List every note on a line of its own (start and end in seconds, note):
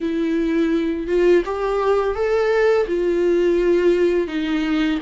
0.00 1.07 E4
1.07 1.43 F4
1.44 2.15 G4
2.15 2.86 A4
2.87 4.27 F4
4.27 4.99 D#4